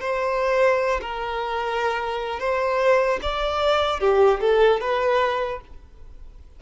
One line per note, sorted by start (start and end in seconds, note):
0.00 1.00 C5
1.01 2.39 A#4
2.39 3.19 C5
3.22 4.00 D5
4.00 4.40 G4
4.40 4.80 A4
4.80 5.60 B4